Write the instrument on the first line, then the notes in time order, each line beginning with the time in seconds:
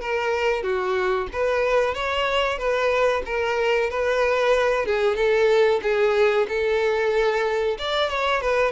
violin
0.00 A#4
0.62 F#4
1.32 B4
1.94 C#5
2.57 B4
3.26 A#4
3.90 B4
4.85 G#4
5.16 A4
5.82 G#4
6.48 A4
7.78 D5
8.09 C#5
8.41 B4